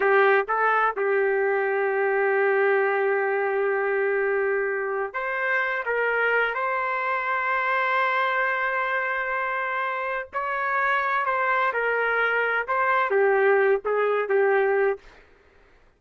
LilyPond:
\new Staff \with { instrumentName = "trumpet" } { \time 4/4 \tempo 4 = 128 g'4 a'4 g'2~ | g'1~ | g'2. c''4~ | c''8 ais'4. c''2~ |
c''1~ | c''2 cis''2 | c''4 ais'2 c''4 | g'4. gis'4 g'4. | }